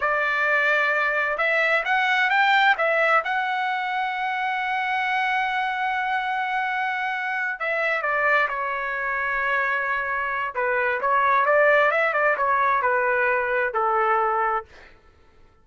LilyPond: \new Staff \with { instrumentName = "trumpet" } { \time 4/4 \tempo 4 = 131 d''2. e''4 | fis''4 g''4 e''4 fis''4~ | fis''1~ | fis''1~ |
fis''8 e''4 d''4 cis''4.~ | cis''2. b'4 | cis''4 d''4 e''8 d''8 cis''4 | b'2 a'2 | }